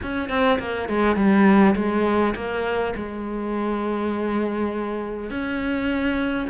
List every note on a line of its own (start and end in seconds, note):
0.02 0.29 C#4
0.29 0.58 C4
0.59 0.88 A#3
0.89 1.16 G#3
1.16 1.74 G3
1.75 2.34 G#3
2.35 2.94 A#3
2.95 5.30 G#3
5.30 6.48 C#4